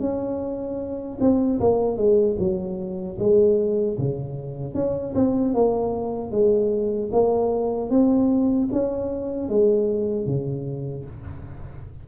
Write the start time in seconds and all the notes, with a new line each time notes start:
0.00 C#4
1.20 C4
1.60 A#3
1.97 G#3
2.39 F#3
3.19 G#3
3.98 C#3
4.74 C#4
5.15 C4
5.54 A#3
6.31 G#3
7.12 A#3
7.90 C4
8.72 C#4
9.49 G#3
10.26 C#3